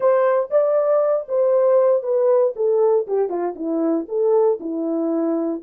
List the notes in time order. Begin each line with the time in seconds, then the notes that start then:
0.00 C5
0.50 D5
1.28 C5
2.02 B4
2.55 A4
3.07 G4
3.29 F4
3.55 E4
4.08 A4
4.60 E4